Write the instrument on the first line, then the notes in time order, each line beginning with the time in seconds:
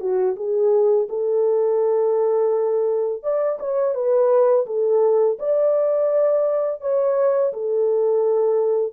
horn
0.00 F#4
0.36 G#4
1.09 A4
3.23 D5
3.59 C#5
3.94 B4
4.66 A4
5.39 D5
6.81 C#5
7.53 A4